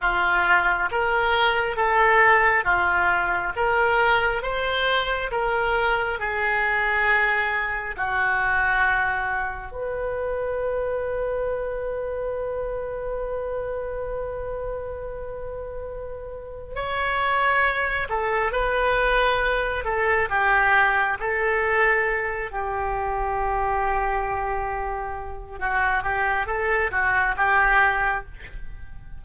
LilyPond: \new Staff \with { instrumentName = "oboe" } { \time 4/4 \tempo 4 = 68 f'4 ais'4 a'4 f'4 | ais'4 c''4 ais'4 gis'4~ | gis'4 fis'2 b'4~ | b'1~ |
b'2. cis''4~ | cis''8 a'8 b'4. a'8 g'4 | a'4. g'2~ g'8~ | g'4 fis'8 g'8 a'8 fis'8 g'4 | }